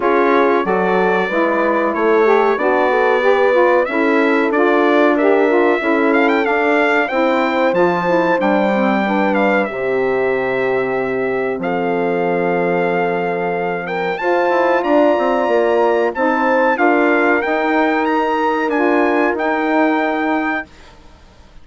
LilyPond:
<<
  \new Staff \with { instrumentName = "trumpet" } { \time 4/4 \tempo 4 = 93 cis''4 d''2 cis''4 | d''2 e''4 d''4 | e''4. f''16 g''16 f''4 g''4 | a''4 g''4. f''8 e''4~ |
e''2 f''2~ | f''4. g''8 a''4 ais''4~ | ais''4 a''4 f''4 g''4 | ais''4 gis''4 g''2 | }
  \new Staff \with { instrumentName = "horn" } { \time 4/4 gis'4 a'4 b'4 a'4 | d'8 a'8 b'4 a'2 | ais'4 a'2 c''4~ | c''2 b'4 g'4~ |
g'2 a'2~ | a'4. ais'8 c''4 d''4~ | d''4 c''4 ais'2~ | ais'1 | }
  \new Staff \with { instrumentName = "saxophone" } { \time 4/4 f'4 fis'4 e'4. g'8 | fis'4 g'8 f'8 e'4 f'4 | g'8 f'8 e'4 d'4 e'4 | f'8 e'8 d'8 c'8 d'4 c'4~ |
c'1~ | c'2 f'2~ | f'4 dis'4 f'4 dis'4~ | dis'4 f'4 dis'2 | }
  \new Staff \with { instrumentName = "bassoon" } { \time 4/4 cis'4 fis4 gis4 a4 | b2 cis'4 d'4~ | d'4 cis'4 d'4 c'4 | f4 g2 c4~ |
c2 f2~ | f2 f'8 e'8 d'8 c'8 | ais4 c'4 d'4 dis'4~ | dis'4 d'4 dis'2 | }
>>